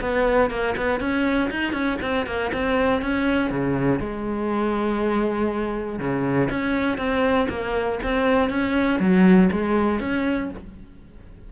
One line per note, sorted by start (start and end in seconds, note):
0.00 0.50 B3
0.50 0.75 A#3
0.76 1.00 B3
1.00 1.50 C#4
1.50 1.72 D#4
1.72 1.97 C#4
2.01 2.26 C4
2.26 2.51 A#3
2.53 3.01 C4
3.01 3.50 C#4
3.50 3.99 C#3
3.99 5.99 G#3
5.99 6.49 C#3
6.50 6.97 C#4
6.97 7.47 C4
7.49 7.99 A#3
8.03 8.49 C4
8.49 8.99 C#4
8.99 9.49 F#3
9.51 10.00 G#3
10.00 10.50 C#4